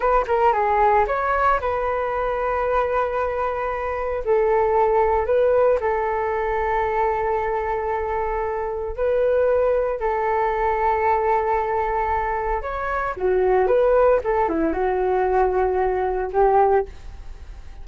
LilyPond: \new Staff \with { instrumentName = "flute" } { \time 4/4 \tempo 4 = 114 b'8 ais'8 gis'4 cis''4 b'4~ | b'1 | a'2 b'4 a'4~ | a'1~ |
a'4 b'2 a'4~ | a'1 | cis''4 fis'4 b'4 a'8 e'8 | fis'2. g'4 | }